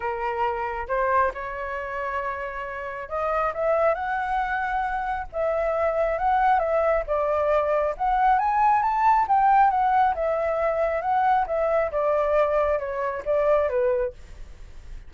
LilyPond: \new Staff \with { instrumentName = "flute" } { \time 4/4 \tempo 4 = 136 ais'2 c''4 cis''4~ | cis''2. dis''4 | e''4 fis''2. | e''2 fis''4 e''4 |
d''2 fis''4 gis''4 | a''4 g''4 fis''4 e''4~ | e''4 fis''4 e''4 d''4~ | d''4 cis''4 d''4 b'4 | }